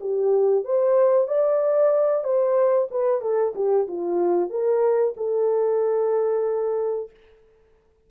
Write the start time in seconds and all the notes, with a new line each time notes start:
0.00 G4
0.64 C5
1.27 D5
2.23 C5
2.90 B4
3.21 A4
3.55 G4
3.87 F4
4.50 A#4
5.17 A4